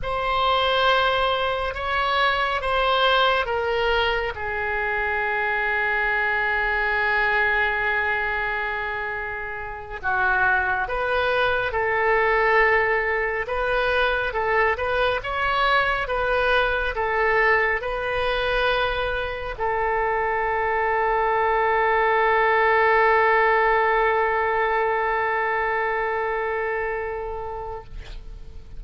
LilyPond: \new Staff \with { instrumentName = "oboe" } { \time 4/4 \tempo 4 = 69 c''2 cis''4 c''4 | ais'4 gis'2.~ | gis'2.~ gis'8 fis'8~ | fis'8 b'4 a'2 b'8~ |
b'8 a'8 b'8 cis''4 b'4 a'8~ | a'8 b'2 a'4.~ | a'1~ | a'1 | }